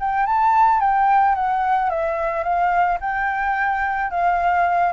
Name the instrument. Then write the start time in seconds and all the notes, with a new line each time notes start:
flute
0.00 G5
0.27 A5
0.81 G5
1.35 F#5
1.90 E5
2.43 F5
3.01 G5
4.11 F5